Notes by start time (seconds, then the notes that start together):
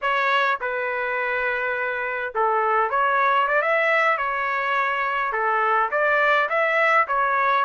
0.01 C#5
0.61 B4
2.34 A4
2.90 C#5
3.47 D5
3.62 E5
4.17 C#5
5.32 A4
5.91 D5
6.49 E5
7.07 C#5